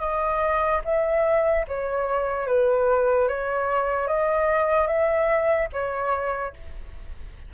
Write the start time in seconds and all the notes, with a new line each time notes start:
0.00 D#5
0.85 E5
1.68 C#5
2.47 B4
3.29 C#5
4.08 D#5
4.87 E5
5.73 C#5